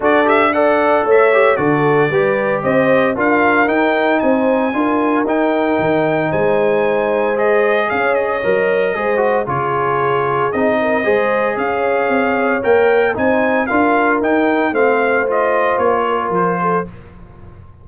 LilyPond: <<
  \new Staff \with { instrumentName = "trumpet" } { \time 4/4 \tempo 4 = 114 d''8 e''8 fis''4 e''4 d''4~ | d''4 dis''4 f''4 g''4 | gis''2 g''2 | gis''2 dis''4 f''8 dis''8~ |
dis''2 cis''2 | dis''2 f''2 | g''4 gis''4 f''4 g''4 | f''4 dis''4 cis''4 c''4 | }
  \new Staff \with { instrumentName = "horn" } { \time 4/4 a'4 d''4 cis''4 a'4 | b'4 c''4 ais'2 | c''4 ais'2. | c''2. cis''4~ |
cis''4 c''4 gis'2~ | gis'8 ais'8 c''4 cis''2~ | cis''4 c''4 ais'2 | c''2~ c''8 ais'4 a'8 | }
  \new Staff \with { instrumentName = "trombone" } { \time 4/4 fis'8 g'8 a'4. g'8 fis'4 | g'2 f'4 dis'4~ | dis'4 f'4 dis'2~ | dis'2 gis'2 |
ais'4 gis'8 fis'8 f'2 | dis'4 gis'2. | ais'4 dis'4 f'4 dis'4 | c'4 f'2. | }
  \new Staff \with { instrumentName = "tuba" } { \time 4/4 d'2 a4 d4 | g4 c'4 d'4 dis'4 | c'4 d'4 dis'4 dis4 | gis2. cis'4 |
fis4 gis4 cis2 | c'4 gis4 cis'4 c'4 | ais4 c'4 d'4 dis'4 | a2 ais4 f4 | }
>>